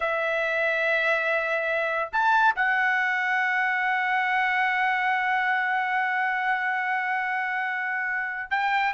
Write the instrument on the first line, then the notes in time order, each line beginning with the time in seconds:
trumpet
0.00 E5
2.12 A5
2.55 F#5
8.50 G5